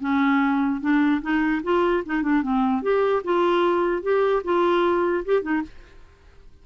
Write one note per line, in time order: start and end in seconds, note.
0.00 0.81 C#4
0.81 1.21 D4
1.22 1.62 D#4
1.63 2.03 F4
2.05 2.22 D#4
2.22 2.42 D4
2.42 2.82 C4
2.82 3.22 G4
3.24 4.02 F4
4.02 4.42 G4
4.44 5.24 F4
5.25 5.42 G4
5.42 5.62 D#4